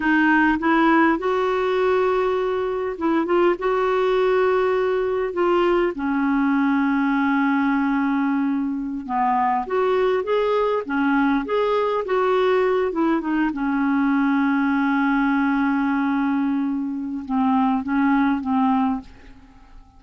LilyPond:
\new Staff \with { instrumentName = "clarinet" } { \time 4/4 \tempo 4 = 101 dis'4 e'4 fis'2~ | fis'4 e'8 f'8 fis'2~ | fis'4 f'4 cis'2~ | cis'2.~ cis'16 b8.~ |
b16 fis'4 gis'4 cis'4 gis'8.~ | gis'16 fis'4. e'8 dis'8 cis'4~ cis'16~ | cis'1~ | cis'4 c'4 cis'4 c'4 | }